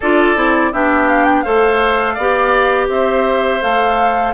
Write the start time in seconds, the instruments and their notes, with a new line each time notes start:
0.00 bassoon D4, clarinet F4, oboe A4, flute D5
0.36 bassoon C4, clarinet E4
0.72 bassoon B3, clarinet D4, oboe G4, flute E5
1.08 flute F5
1.24 flute G5
1.42 bassoon A3, clarinet A4, oboe C5, flute F5
2.14 bassoon B3, clarinet G4, oboe D5
2.88 bassoon C4, oboe C5, flute E5
3.61 bassoon A3, clarinet A4, flute F5